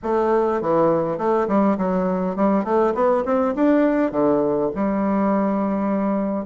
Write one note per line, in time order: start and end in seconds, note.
0.02 0.61 A3
0.61 1.17 E3
1.17 1.47 A3
1.47 1.77 G3
1.77 2.36 F#3
2.36 2.64 G3
2.64 2.93 A3
2.94 3.24 B3
3.25 3.54 C4
3.55 4.11 D4
4.11 4.70 D3
4.75 6.45 G3